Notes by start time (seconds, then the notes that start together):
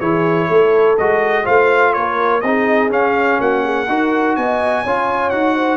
0.00 E3 E4 G#4 C#5
0.48 A3 A4
0.98 G#3 F#4 D#5
1.45 A3 F4 C5 F5
1.94 A#3 A#4 C#5
2.41 C4 D#4 G#4 D#5
2.90 C#4 F5
3.41 A#3 F#4 F#5
3.64 G#4
3.89 D#4 F#4 A#4
4.36 B3 D#5 G#5
4.83 C#4 F4 C#5
5.31 D#4 F#4 F#5
5.55 C5